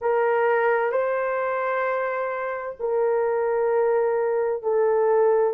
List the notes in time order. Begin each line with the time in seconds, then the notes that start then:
0.01 A#4
0.91 C5
2.79 A#4
4.62 A4